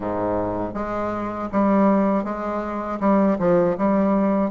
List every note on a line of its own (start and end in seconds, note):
0.00 0.74 G#2
0.74 1.49 G#3
1.51 2.23 G3
2.23 2.98 G#3
3.00 3.37 G3
3.39 3.76 F3
3.77 4.50 G3